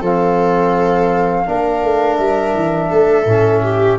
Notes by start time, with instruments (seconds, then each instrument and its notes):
0.00 tuba F3, trombone C4, viola A4, flute F5
1.46 tuba A#3, trombone D4, viola A#4
1.82 tuba A3
2.16 tuba G3, flute E5
2.54 tuba E3
2.90 tuba A3, viola A4
3.25 tuba A2, trombone C#4
3.63 viola G4